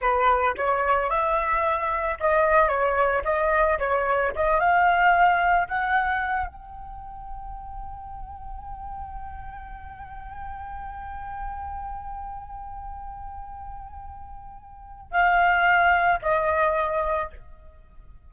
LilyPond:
\new Staff \with { instrumentName = "flute" } { \time 4/4 \tempo 4 = 111 b'4 cis''4 e''2 | dis''4 cis''4 dis''4 cis''4 | dis''8 f''2 fis''4. | g''1~ |
g''1~ | g''1~ | g''1 | f''2 dis''2 | }